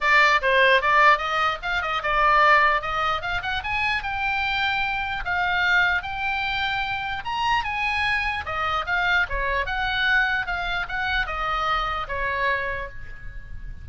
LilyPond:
\new Staff \with { instrumentName = "oboe" } { \time 4/4 \tempo 4 = 149 d''4 c''4 d''4 dis''4 | f''8 dis''8 d''2 dis''4 | f''8 fis''8 gis''4 g''2~ | g''4 f''2 g''4~ |
g''2 ais''4 gis''4~ | gis''4 dis''4 f''4 cis''4 | fis''2 f''4 fis''4 | dis''2 cis''2 | }